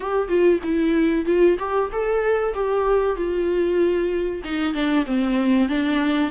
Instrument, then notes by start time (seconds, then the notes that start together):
viola
0.00 G4
0.28 F4
0.63 E4
1.25 F4
1.58 G4
1.92 A4
2.54 G4
3.16 F4
4.44 D#4
4.73 D4
5.06 C4
5.68 D4